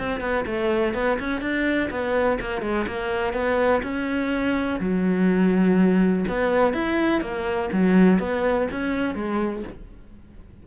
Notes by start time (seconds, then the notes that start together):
0.00 C4
0.21 B3
0.46 A3
0.95 B3
1.20 C#4
1.42 D4
1.91 B3
2.41 A#3
2.62 G#3
2.88 A#3
3.34 B3
3.83 C#4
4.80 F#3
6.29 B3
6.74 E4
7.22 A#3
7.73 F#3
8.19 B3
8.72 C#4
9.15 G#3